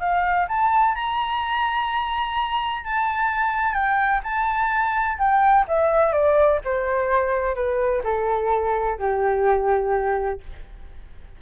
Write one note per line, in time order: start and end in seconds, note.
0.00 0.47 F5
0.49 0.95 A5
0.95 2.84 A#5
2.84 3.74 A5
3.74 4.21 G5
4.24 5.18 A5
5.18 5.66 G5
5.68 6.13 E5
6.13 6.60 D5
6.65 7.55 C5
7.55 8.02 B4
8.04 8.98 A4
8.99 10.40 G4